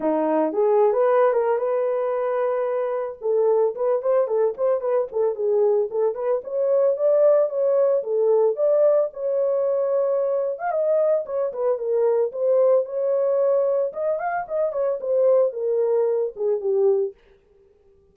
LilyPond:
\new Staff \with { instrumentName = "horn" } { \time 4/4 \tempo 4 = 112 dis'4 gis'8. b'8. ais'8 b'4~ | b'2 a'4 b'8 c''8 | a'8 c''8 b'8 a'8 gis'4 a'8 b'8 | cis''4 d''4 cis''4 a'4 |
d''4 cis''2~ cis''8. f''16 | dis''4 cis''8 b'8 ais'4 c''4 | cis''2 dis''8 f''8 dis''8 cis''8 | c''4 ais'4. gis'8 g'4 | }